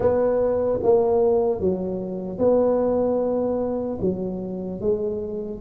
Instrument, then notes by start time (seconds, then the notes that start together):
tuba
0.00 B3
0.83 A#3
1.60 F#3
2.38 B3
4.00 F#3
4.80 G#3